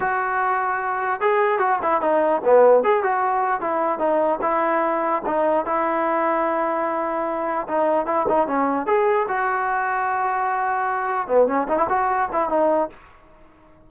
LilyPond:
\new Staff \with { instrumentName = "trombone" } { \time 4/4 \tempo 4 = 149 fis'2. gis'4 | fis'8 e'8 dis'4 b4 gis'8 fis'8~ | fis'4 e'4 dis'4 e'4~ | e'4 dis'4 e'2~ |
e'2. dis'4 | e'8 dis'8 cis'4 gis'4 fis'4~ | fis'1 | b8 cis'8 dis'16 e'16 fis'4 e'8 dis'4 | }